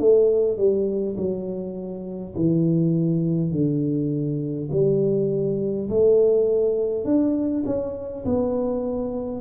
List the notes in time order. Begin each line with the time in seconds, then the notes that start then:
0.00 A3
0.58 G3
1.18 F#3
2.36 E3
3.52 D3
4.72 G3
5.90 A3
7.05 D4
7.66 C#4
8.26 B3